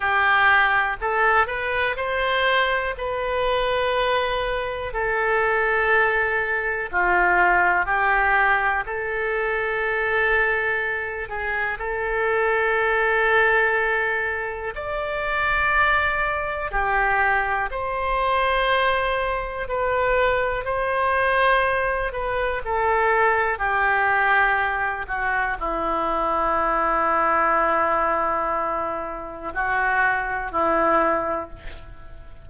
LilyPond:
\new Staff \with { instrumentName = "oboe" } { \time 4/4 \tempo 4 = 61 g'4 a'8 b'8 c''4 b'4~ | b'4 a'2 f'4 | g'4 a'2~ a'8 gis'8 | a'2. d''4~ |
d''4 g'4 c''2 | b'4 c''4. b'8 a'4 | g'4. fis'8 e'2~ | e'2 fis'4 e'4 | }